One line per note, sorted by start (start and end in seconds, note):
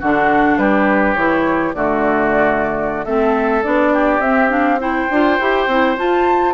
0.00 0.58 D3
0.00 1.17 D4
0.00 0.58 F#4
0.00 0.58 F#5
0.58 1.16 G3
0.58 1.76 G4
0.58 1.15 B4
1.15 1.74 E3
1.15 1.75 E4
1.15 1.73 C#5
1.74 3.06 D3
1.74 3.06 A3
1.74 3.06 F#4
1.74 3.05 D5
3.05 3.64 A3
3.05 3.63 C4
3.05 3.93 A4
3.05 3.63 E5
3.63 4.19 B3
3.63 4.21 D4
3.63 4.21 D5
3.93 4.81 G4
4.19 5.07 C4
4.19 4.49 C4
4.19 4.50 E5
4.49 4.78 D4
4.49 4.80 F5
4.80 5.09 E4
4.80 6.54 C5
4.80 5.97 G5
5.10 5.39 D4
5.10 5.40 F4
5.40 5.67 E4
5.40 5.69 G4
5.67 5.96 C4
5.67 5.97 E4
5.97 6.54 F4
5.97 6.54 A5